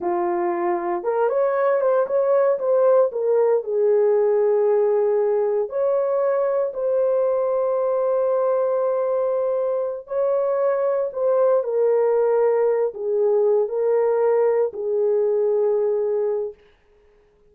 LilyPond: \new Staff \with { instrumentName = "horn" } { \time 4/4 \tempo 4 = 116 f'2 ais'8 cis''4 c''8 | cis''4 c''4 ais'4 gis'4~ | gis'2. cis''4~ | cis''4 c''2.~ |
c''2.~ c''8 cis''8~ | cis''4. c''4 ais'4.~ | ais'4 gis'4. ais'4.~ | ais'8 gis'2.~ gis'8 | }